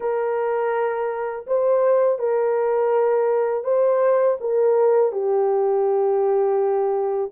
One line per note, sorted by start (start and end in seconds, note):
0.00 1.46 A#4
1.46 2.18 C5
2.18 3.64 A#4
3.64 4.37 C5
4.40 5.12 A#4
5.12 7.31 G4